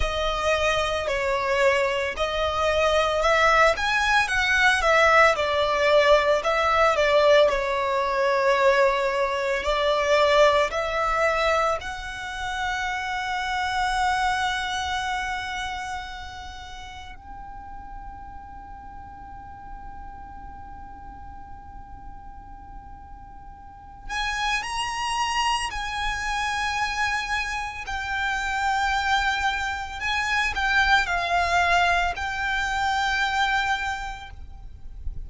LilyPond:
\new Staff \with { instrumentName = "violin" } { \time 4/4 \tempo 4 = 56 dis''4 cis''4 dis''4 e''8 gis''8 | fis''8 e''8 d''4 e''8 d''8 cis''4~ | cis''4 d''4 e''4 fis''4~ | fis''1 |
g''1~ | g''2~ g''8 gis''8 ais''4 | gis''2 g''2 | gis''8 g''8 f''4 g''2 | }